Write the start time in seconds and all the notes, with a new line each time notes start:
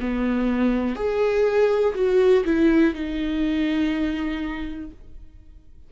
0.00 B3
0.95 G#4
1.94 F#4
2.44 E4
2.93 D#4